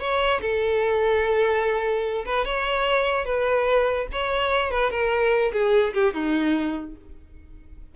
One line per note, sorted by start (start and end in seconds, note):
0.00 0.41 C#5
0.41 2.25 A4
2.26 2.45 B4
2.45 3.25 C#5
3.25 4.07 B4
4.13 4.71 C#5
4.71 4.91 B4
4.91 5.52 A#4
5.53 5.94 G#4
5.94 6.14 G4
6.14 6.96 D#4